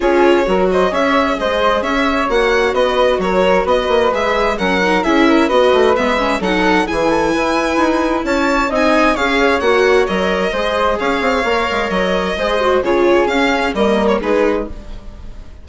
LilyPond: <<
  \new Staff \with { instrumentName = "violin" } { \time 4/4 \tempo 4 = 131 cis''4. dis''8 e''4 dis''4 | e''4 fis''4 dis''4 cis''4 | dis''4 e''4 fis''4 e''4 | dis''4 e''4 fis''4 gis''4~ |
gis''2 a''4 gis''4 | f''4 fis''4 dis''2 | f''2 dis''2 | cis''4 f''4 dis''8. cis''16 b'4 | }
  \new Staff \with { instrumentName = "flute" } { \time 4/4 gis'4 ais'8 c''8 cis''4 c''4 | cis''2 b'4 ais'4 | b'2 ais'4 gis'8 ais'8 | b'2 a'4 gis'8 a'8 |
b'2 cis''4 dis''4 | cis''2. c''4 | cis''2. c''4 | gis'2 ais'4 gis'4 | }
  \new Staff \with { instrumentName = "viola" } { \time 4/4 f'4 fis'4 gis'2~ | gis'4 fis'2.~ | fis'4 gis'4 cis'8 dis'8 e'4 | fis'4 b8 cis'8 dis'4 e'4~ |
e'2. dis'4 | gis'4 fis'4 ais'4 gis'4~ | gis'4 ais'2 gis'8 fis'8 | f'4 cis'4 ais4 dis'4 | }
  \new Staff \with { instrumentName = "bassoon" } { \time 4/4 cis'4 fis4 cis'4 gis4 | cis'4 ais4 b4 fis4 | b8 ais8 gis4 fis4 cis'4 | b8 a8 gis4 fis4 e4 |
e'4 dis'4 cis'4 c'4 | cis'4 ais4 fis4 gis4 | cis'8 c'8 ais8 gis8 fis4 gis4 | cis4 cis'4 g4 gis4 | }
>>